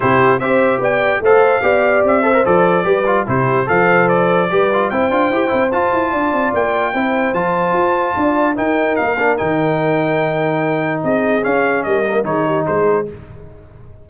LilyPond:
<<
  \new Staff \with { instrumentName = "trumpet" } { \time 4/4 \tempo 4 = 147 c''4 e''4 g''4 f''4~ | f''4 e''4 d''2 | c''4 f''4 d''2 | g''2 a''2 |
g''2 a''2~ | a''4 g''4 f''4 g''4~ | g''2. dis''4 | f''4 dis''4 cis''4 c''4 | }
  \new Staff \with { instrumentName = "horn" } { \time 4/4 g'4 c''4 d''4 c''4 | d''4. c''4. b'4 | g'4 c''2 b'4 | c''2. d''4~ |
d''4 c''2. | d''4 ais'2.~ | ais'2. gis'4~ | gis'4 ais'4 gis'8 g'8 gis'4 | }
  \new Staff \with { instrumentName = "trombone" } { \time 4/4 e'4 g'2 a'4 | g'4. a'16 ais'16 a'4 g'8 f'8 | e'4 a'2 g'8 f'8 | e'8 f'8 g'8 e'8 f'2~ |
f'4 e'4 f'2~ | f'4 dis'4. d'8 dis'4~ | dis'1 | cis'4. ais8 dis'2 | }
  \new Staff \with { instrumentName = "tuba" } { \time 4/4 c4 c'4 b4 a4 | b4 c'4 f4 g4 | c4 f2 g4 | c'8 d'8 e'8 c'8 f'8 e'8 d'8 c'8 |
ais4 c'4 f4 f'4 | d'4 dis'4 ais4 dis4~ | dis2. c'4 | cis'4 g4 dis4 gis4 | }
>>